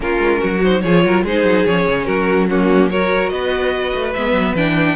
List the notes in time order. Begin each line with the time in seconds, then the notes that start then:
0.00 A#3 C#4 F4 A#4
0.19 G#3
0.40 F#3 F#4
0.63 D#4 C5
0.81 F3 F4 G#4 C#5
1.04 F#3 A#4
1.23 G#3 D#4 G#4 C5
1.43 F#3
1.66 F3 C#4 C#5
1.87 C#3
2.05 F#3 F#4 A#4
2.49 A#3 C#4 F#4
2.90 F#4 A#4 C#5
3.29 B3 B4 D#5
3.94 A3
4.13 G#3 B3 E5
4.32 F#3
4.54 E3 D4 G5